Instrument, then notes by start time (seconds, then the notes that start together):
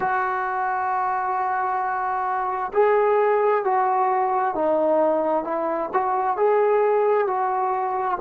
trombone
0.00 F#4
2.73 G#4
3.64 F#4
4.55 D#4
5.43 E4
5.93 F#4
6.36 G#4
7.27 F#4